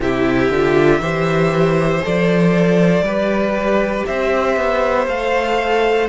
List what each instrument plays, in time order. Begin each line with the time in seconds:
0.00 cello C3, viola E4, violin G4 E5
0.50 cello D3, viola F4
0.99 cello E3, viola G4, violin C5
2.02 cello F3, viola A4, violin D5
3.01 cello G3, viola G4, violin B4
4.06 cello C4, violin C5 E5
4.56 cello B3
5.07 cello A3, viola A4, violin F5